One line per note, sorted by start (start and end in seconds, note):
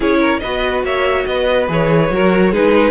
0.00 0.41 C#4
0.00 0.42 E4
0.00 0.19 G#4
0.00 0.39 C#5
0.20 0.41 A#4
0.39 0.83 B3
0.39 1.68 F#4
0.39 0.84 B4
0.39 0.81 D#5
0.83 1.25 A#3
0.83 1.26 C#5
0.83 1.25 E5
1.25 1.68 B3
1.25 2.13 B4
1.25 1.67 D#5
1.68 2.10 E3
1.68 2.10 G#4
1.68 2.54 C#5
2.10 2.52 F#3
2.10 2.53 F#4
2.10 2.52 A#4
2.52 2.91 G#3
2.52 2.91 D#4
2.52 2.91 G#4
2.52 2.91 B4